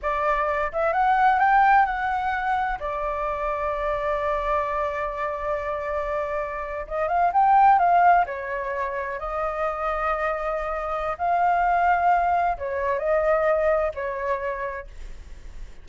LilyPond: \new Staff \with { instrumentName = "flute" } { \time 4/4 \tempo 4 = 129 d''4. e''8 fis''4 g''4 | fis''2 d''2~ | d''1~ | d''2~ d''8. dis''8 f''8 g''16~ |
g''8. f''4 cis''2 dis''16~ | dis''1 | f''2. cis''4 | dis''2 cis''2 | }